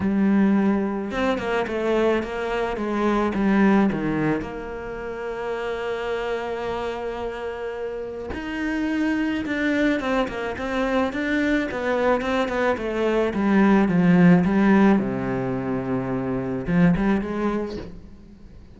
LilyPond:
\new Staff \with { instrumentName = "cello" } { \time 4/4 \tempo 4 = 108 g2 c'8 ais8 a4 | ais4 gis4 g4 dis4 | ais1~ | ais2. dis'4~ |
dis'4 d'4 c'8 ais8 c'4 | d'4 b4 c'8 b8 a4 | g4 f4 g4 c4~ | c2 f8 g8 gis4 | }